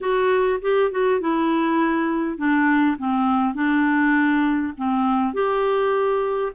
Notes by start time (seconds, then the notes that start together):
0.00 F#4
0.61 G4
0.91 F#4
1.20 E4
2.37 D4
2.98 C4
3.54 D4
4.77 C4
5.33 G4